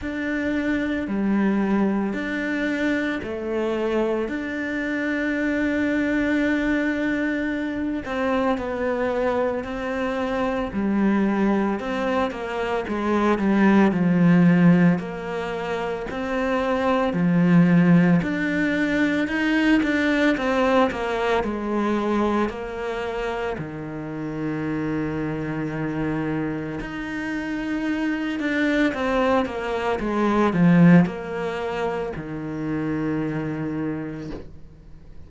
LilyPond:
\new Staff \with { instrumentName = "cello" } { \time 4/4 \tempo 4 = 56 d'4 g4 d'4 a4 | d'2.~ d'8 c'8 | b4 c'4 g4 c'8 ais8 | gis8 g8 f4 ais4 c'4 |
f4 d'4 dis'8 d'8 c'8 ais8 | gis4 ais4 dis2~ | dis4 dis'4. d'8 c'8 ais8 | gis8 f8 ais4 dis2 | }